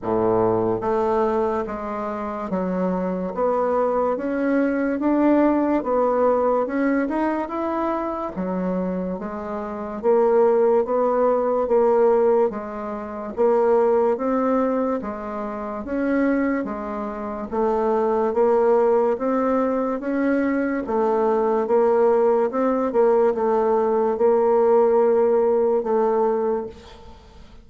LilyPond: \new Staff \with { instrumentName = "bassoon" } { \time 4/4 \tempo 4 = 72 a,4 a4 gis4 fis4 | b4 cis'4 d'4 b4 | cis'8 dis'8 e'4 fis4 gis4 | ais4 b4 ais4 gis4 |
ais4 c'4 gis4 cis'4 | gis4 a4 ais4 c'4 | cis'4 a4 ais4 c'8 ais8 | a4 ais2 a4 | }